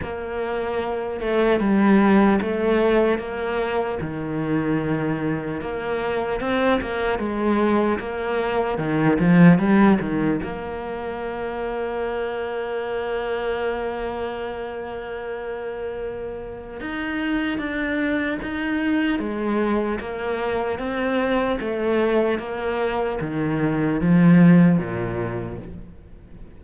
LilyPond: \new Staff \with { instrumentName = "cello" } { \time 4/4 \tempo 4 = 75 ais4. a8 g4 a4 | ais4 dis2 ais4 | c'8 ais8 gis4 ais4 dis8 f8 | g8 dis8 ais2.~ |
ais1~ | ais4 dis'4 d'4 dis'4 | gis4 ais4 c'4 a4 | ais4 dis4 f4 ais,4 | }